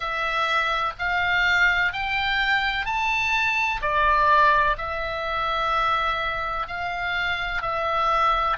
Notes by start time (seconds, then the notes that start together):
0.00 E5
0.98 F5
1.93 G5
2.85 A5
3.81 D5
4.77 E5
6.67 F5
7.62 E5